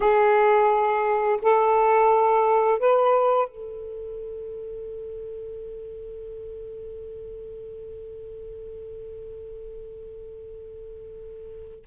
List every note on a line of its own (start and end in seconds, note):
0.00 1.39 G#4
1.41 2.79 A4
2.79 3.48 B4
3.48 11.85 A4